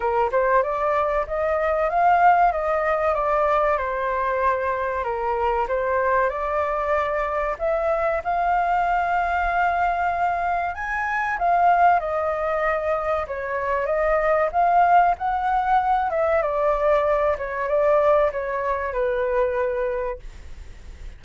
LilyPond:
\new Staff \with { instrumentName = "flute" } { \time 4/4 \tempo 4 = 95 ais'8 c''8 d''4 dis''4 f''4 | dis''4 d''4 c''2 | ais'4 c''4 d''2 | e''4 f''2.~ |
f''4 gis''4 f''4 dis''4~ | dis''4 cis''4 dis''4 f''4 | fis''4. e''8 d''4. cis''8 | d''4 cis''4 b'2 | }